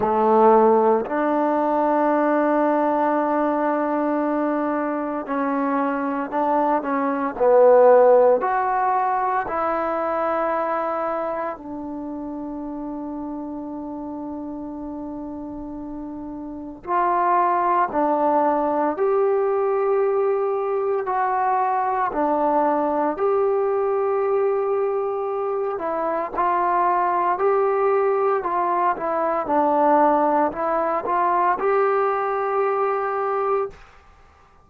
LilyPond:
\new Staff \with { instrumentName = "trombone" } { \time 4/4 \tempo 4 = 57 a4 d'2.~ | d'4 cis'4 d'8 cis'8 b4 | fis'4 e'2 d'4~ | d'1 |
f'4 d'4 g'2 | fis'4 d'4 g'2~ | g'8 e'8 f'4 g'4 f'8 e'8 | d'4 e'8 f'8 g'2 | }